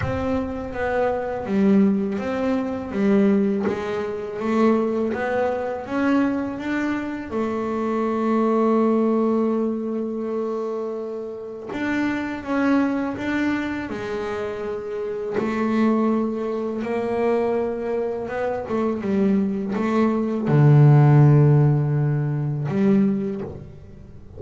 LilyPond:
\new Staff \with { instrumentName = "double bass" } { \time 4/4 \tempo 4 = 82 c'4 b4 g4 c'4 | g4 gis4 a4 b4 | cis'4 d'4 a2~ | a1 |
d'4 cis'4 d'4 gis4~ | gis4 a2 ais4~ | ais4 b8 a8 g4 a4 | d2. g4 | }